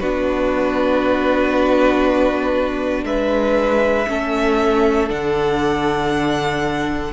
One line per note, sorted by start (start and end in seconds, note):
0.00 3.05 B3
0.00 4.08 D4
0.00 3.05 F#4
0.00 3.05 B4
3.05 4.06 G#3
3.05 4.08 B4
3.05 5.09 E5
4.08 5.10 A3
4.08 5.09 C#4
4.08 7.13 A4
5.09 7.13 D3
5.09 7.12 D4
5.09 7.13 F#5